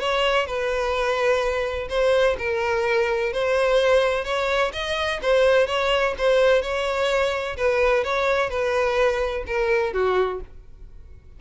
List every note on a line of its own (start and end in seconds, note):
0.00 0.46 C#5
0.46 1.88 B4
1.89 2.36 C5
2.39 3.33 A#4
3.33 4.24 C5
4.24 4.72 C#5
4.73 5.20 D#5
5.22 5.67 C5
5.67 6.14 C#5
6.18 6.62 C5
6.62 7.57 C#5
7.57 8.04 B4
8.04 8.50 C#5
8.50 9.44 B4
9.47 9.93 A#4
9.93 10.40 F#4